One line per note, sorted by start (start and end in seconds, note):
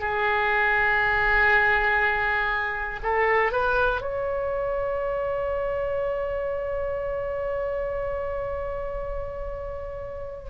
0.00 3.00 G#4
3.03 3.52 A4
3.52 4.02 B4
4.02 10.50 C#5